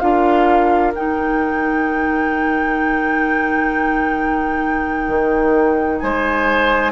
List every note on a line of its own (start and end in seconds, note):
0.00 0.94 D4
0.00 0.93 F4
0.00 6.03 A#4
0.00 0.92 F5
0.94 5.08 D#4
0.94 6.92 D#4
0.94 6.00 G5
5.08 6.00 D#3
6.00 6.92 G#3
6.00 6.92 C5
6.00 6.92 G#5